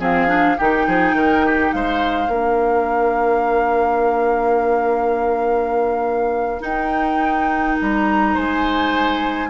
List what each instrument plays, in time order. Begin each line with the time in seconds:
0.00 bassoon F3, clarinet C4, oboe G#4, flute F5
0.28 clarinet D4
0.58 bassoon D#3, clarinet D#4, oboe G4, flute G5
0.87 bassoon F3, oboe G#4
1.13 bassoon D#3, oboe A#4
1.47 oboe G4
1.72 bassoon G#3, oboe C5, flute F5
2.28 bassoon A#3, clarinet D4, oboe A#4
6.61 clarinet D#4, bassoon D#4, flute G5
7.81 bassoon G3, flute A#5
8.34 bassoon G#3, oboe C5, flute G#5